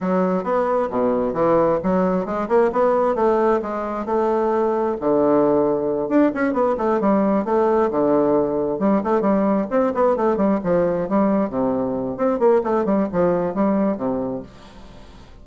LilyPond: \new Staff \with { instrumentName = "bassoon" } { \time 4/4 \tempo 4 = 133 fis4 b4 b,4 e4 | fis4 gis8 ais8 b4 a4 | gis4 a2 d4~ | d4. d'8 cis'8 b8 a8 g8~ |
g8 a4 d2 g8 | a8 g4 c'8 b8 a8 g8 f8~ | f8 g4 c4. c'8 ais8 | a8 g8 f4 g4 c4 | }